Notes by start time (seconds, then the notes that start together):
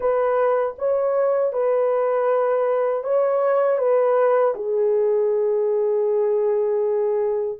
0.00 B4
0.78 C#5
1.52 B4
3.03 C#5
3.78 B4
4.54 G#4